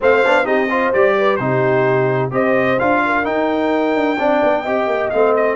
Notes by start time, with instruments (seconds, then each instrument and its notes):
0.01 tuba A3, trombone C4, horn C5, trumpet F5
0.25 tuba B3, trombone D4
0.44 tuba C4, trombone D#4, horn G4, trumpet D#5
0.70 trombone F4, horn C5
0.93 tuba G3, trombone G4, trumpet D5
1.18 horn B4
1.36 tuba C3, trombone D#4, horn G4, trumpet C5
2.30 tuba C4, trombone G4, horn C5, trumpet D#5
2.79 tuba D4, trombone F4, trumpet F5
3.05 horn A#4
3.23 trombone D#4, tuba D#4, trumpet G5
3.94 tuba D4
4.18 tuba C4, trombone D4, horn D5
4.43 tuba B3
4.62 tuba C4, trombone G4, horn D#5
4.86 tuba A#3
5.10 tuba A3, trombone C4, trumpet F5
5.36 trumpet D#5